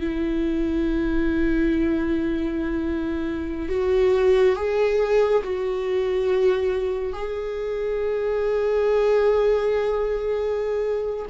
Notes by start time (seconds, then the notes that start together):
0.00 E4
3.69 F#4
4.56 G#4
5.43 F#4
7.13 G#4